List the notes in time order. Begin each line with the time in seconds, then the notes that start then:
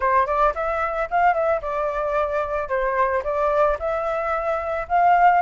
0.00 C5
0.26 D5
0.55 E5
1.10 F5
1.33 E5
1.61 D5
2.69 C5
3.23 D5
3.79 E5
4.88 F5